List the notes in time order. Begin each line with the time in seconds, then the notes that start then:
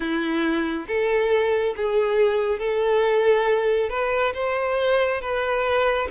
0.00 E4
0.87 A4
1.76 G#4
2.59 A4
3.89 B4
4.34 C5
5.21 B4